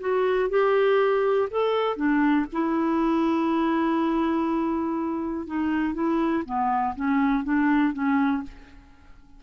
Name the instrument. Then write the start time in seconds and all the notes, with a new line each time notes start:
clarinet
0.00 F#4
0.50 G4
1.50 A4
1.96 D4
2.52 E4
5.47 D#4
5.94 E4
6.45 B3
6.96 C#4
7.44 D4
7.93 C#4